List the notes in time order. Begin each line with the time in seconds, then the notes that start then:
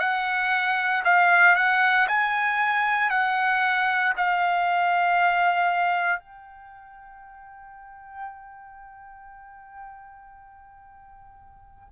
0.00 F#5
1.05 F5
1.56 F#5
2.08 G#5
3.10 F#5
4.17 F5
6.20 G5